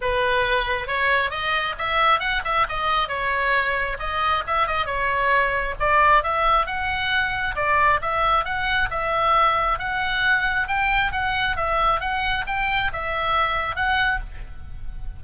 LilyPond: \new Staff \with { instrumentName = "oboe" } { \time 4/4 \tempo 4 = 135 b'2 cis''4 dis''4 | e''4 fis''8 e''8 dis''4 cis''4~ | cis''4 dis''4 e''8 dis''8 cis''4~ | cis''4 d''4 e''4 fis''4~ |
fis''4 d''4 e''4 fis''4 | e''2 fis''2 | g''4 fis''4 e''4 fis''4 | g''4 e''2 fis''4 | }